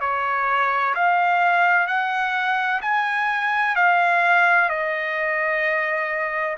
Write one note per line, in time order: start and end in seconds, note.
0.00 0.94 C#5
0.94 1.87 F5
1.87 2.80 F#5
2.81 3.75 G#5
3.75 4.69 F5
4.69 6.56 D#5